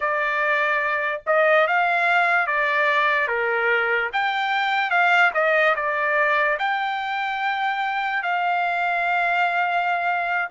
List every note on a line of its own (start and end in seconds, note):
0.00 1.21 D5
1.26 1.67 D#5
1.67 2.47 F5
2.47 3.27 D5
3.27 4.09 A#4
4.12 4.90 G5
4.90 5.31 F5
5.33 5.75 D#5
5.75 6.58 D5
6.58 8.22 G5
8.22 10.48 F5